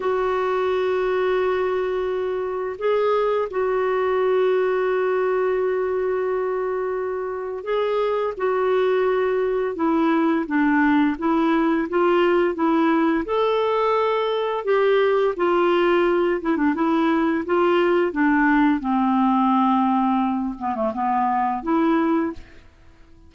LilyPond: \new Staff \with { instrumentName = "clarinet" } { \time 4/4 \tempo 4 = 86 fis'1 | gis'4 fis'2.~ | fis'2. gis'4 | fis'2 e'4 d'4 |
e'4 f'4 e'4 a'4~ | a'4 g'4 f'4. e'16 d'16 | e'4 f'4 d'4 c'4~ | c'4. b16 a16 b4 e'4 | }